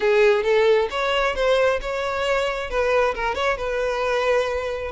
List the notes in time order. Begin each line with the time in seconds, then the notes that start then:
0.00 G#4
0.43 A4
0.90 C#5
1.35 C5
1.81 C#5
2.69 B4
3.14 A#4
3.34 C#5
3.57 B4